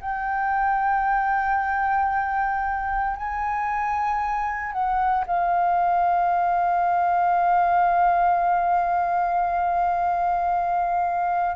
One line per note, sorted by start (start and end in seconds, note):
0.00 3.16 G5
3.16 4.72 G#5
4.72 5.25 F#5
5.27 11.56 F5